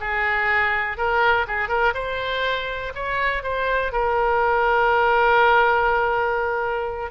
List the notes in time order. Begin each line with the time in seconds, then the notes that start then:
0.00 G#4
0.97 A#4
1.47 G#4
1.69 A#4
1.94 C5
2.95 C#5
3.43 C5
3.92 A#4